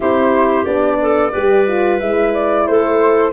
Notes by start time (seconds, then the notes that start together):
0.00 C4 E4 G4 C5
0.65 B3 D4 D5
1.01 A4
1.31 G3 G4 B4
1.67 F4
1.99 G#3 E4 E5
2.33 D5
2.67 A3 A4 C5